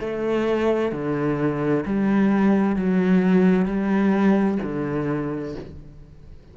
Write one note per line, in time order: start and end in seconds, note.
0.00 0.92 A3
0.92 1.84 D3
1.85 2.76 G3
2.76 3.66 F#3
3.66 4.58 G3
4.63 5.55 D3